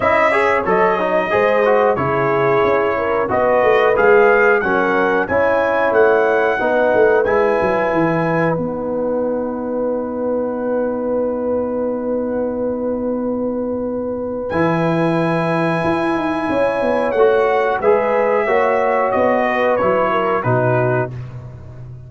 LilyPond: <<
  \new Staff \with { instrumentName = "trumpet" } { \time 4/4 \tempo 4 = 91 e''4 dis''2 cis''4~ | cis''4 dis''4 f''4 fis''4 | gis''4 fis''2 gis''4~ | gis''4 fis''2.~ |
fis''1~ | fis''2 gis''2~ | gis''2 fis''4 e''4~ | e''4 dis''4 cis''4 b'4 | }
  \new Staff \with { instrumentName = "horn" } { \time 4/4 dis''8 cis''4. c''4 gis'4~ | gis'8 ais'8 b'2 ais'4 | cis''2 b'2~ | b'1~ |
b'1~ | b'1~ | b'4 cis''2 b'4 | cis''4. b'4 ais'8 fis'4 | }
  \new Staff \with { instrumentName = "trombone" } { \time 4/4 e'8 gis'8 a'8 dis'8 gis'8 fis'8 e'4~ | e'4 fis'4 gis'4 cis'4 | e'2 dis'4 e'4~ | e'4 dis'2.~ |
dis'1~ | dis'2 e'2~ | e'2 fis'4 gis'4 | fis'2 e'4 dis'4 | }
  \new Staff \with { instrumentName = "tuba" } { \time 4/4 cis'4 fis4 gis4 cis4 | cis'4 b8 a8 gis4 fis4 | cis'4 a4 b8 a8 gis8 fis8 | e4 b2.~ |
b1~ | b2 e2 | e'8 dis'8 cis'8 b8 a4 gis4 | ais4 b4 fis4 b,4 | }
>>